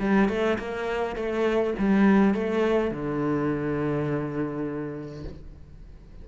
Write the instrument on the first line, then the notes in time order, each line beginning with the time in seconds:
cello
0.00 G3
0.29 A3
0.59 A#3
1.16 A3
1.79 G3
2.35 A3
2.91 D3